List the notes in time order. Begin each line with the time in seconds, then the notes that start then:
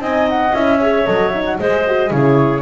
0.00 C4 D#4 D#5 G#5
0.29 F#5
0.54 C#4 E4 E5
0.79 G#4 C#5
1.06 F#3 A4 D#5
1.29 D#4 E5
1.45 F#5
1.59 G#3 G#4 C5 D#5
1.87 F#4
2.10 C#3 E4 G#4 C#5